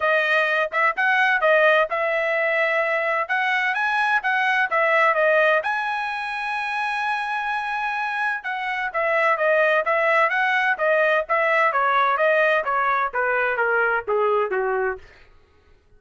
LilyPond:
\new Staff \with { instrumentName = "trumpet" } { \time 4/4 \tempo 4 = 128 dis''4. e''8 fis''4 dis''4 | e''2. fis''4 | gis''4 fis''4 e''4 dis''4 | gis''1~ |
gis''2 fis''4 e''4 | dis''4 e''4 fis''4 dis''4 | e''4 cis''4 dis''4 cis''4 | b'4 ais'4 gis'4 fis'4 | }